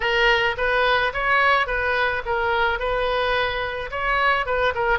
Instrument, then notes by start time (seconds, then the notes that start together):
oboe
0.00 A#4
0.57 B4
1.13 C#5
1.67 B4
2.25 A#4
2.79 B4
3.90 C#5
4.45 B4
4.74 A#4